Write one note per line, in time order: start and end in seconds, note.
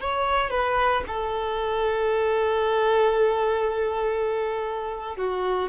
0.00 0.50 C#5
0.50 1.03 B4
1.07 5.16 A4
5.16 5.68 F#4